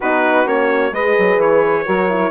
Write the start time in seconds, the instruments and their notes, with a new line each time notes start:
0.00 bassoon B3, horn D#4, saxophone F#4, trumpet B4
0.45 bassoon A#3, horn C#4, trumpet C#5
0.91 bassoon G#3, horn G#4, saxophone B4, trumpet D#5
1.18 bassoon F#3
1.37 bassoon E3, trumpet C#5
1.85 bassoon F#3, horn F#4, saxophone A#4
2.09 horn E4